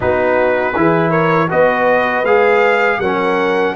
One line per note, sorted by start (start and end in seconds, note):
0.00 0.75 B3
0.00 0.74 D#4
0.00 0.76 F#4
0.00 1.10 B4
0.75 1.50 E3
0.75 1.49 E4
0.75 1.09 G#4
1.09 1.47 A#4
1.09 1.48 C#5
1.49 2.23 B3
1.49 2.24 F#4
1.49 3.00 B4
1.49 2.25 D#5
2.23 2.98 G#3
2.23 3.01 G#4
2.23 3.00 F5
3.00 3.75 F#3
3.00 3.75 C#4
3.00 3.75 A#4
3.00 3.75 F#5